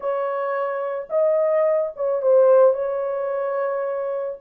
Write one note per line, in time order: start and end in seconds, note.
0.00 1.08 C#5
1.09 1.92 D#5
1.95 2.22 C#5
2.22 2.73 C5
2.73 4.38 C#5